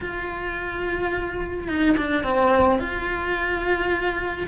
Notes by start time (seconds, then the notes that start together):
0.00 F4
1.67 D#4
1.97 D4
2.23 C4
2.79 F4